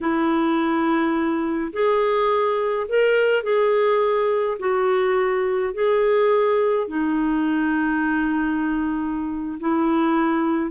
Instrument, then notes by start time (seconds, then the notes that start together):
clarinet
0.00 E4
1.72 G#4
2.88 A#4
3.43 G#4
4.59 F#4
5.73 G#4
6.87 D#4
9.59 E4